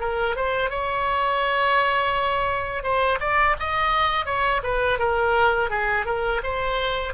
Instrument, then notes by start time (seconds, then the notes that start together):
oboe
0.00 A#4
0.36 C5
0.70 C#5
2.83 C5
3.20 D5
3.59 D#5
4.26 C#5
4.63 B4
4.99 A#4
5.70 G#4
6.06 A#4
6.43 C5